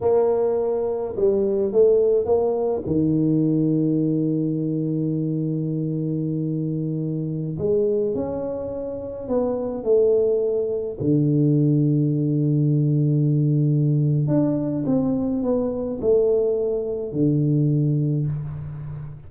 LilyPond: \new Staff \with { instrumentName = "tuba" } { \time 4/4 \tempo 4 = 105 ais2 g4 a4 | ais4 dis2.~ | dis1~ | dis4~ dis16 gis4 cis'4.~ cis'16~ |
cis'16 b4 a2 d8.~ | d1~ | d4 d'4 c'4 b4 | a2 d2 | }